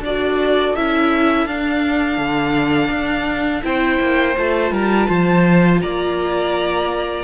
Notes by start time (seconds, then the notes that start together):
0.00 D4 F#4 A4 D5
0.75 C#4 E4 E5
1.46 D4 F5
2.17 D3
2.90 D4
3.62 C4 E4 C5 G5
4.00 A#3
4.37 A3 F4 A5
4.71 G3 A#4
5.07 F3 C5
5.81 A#3 D5 A#5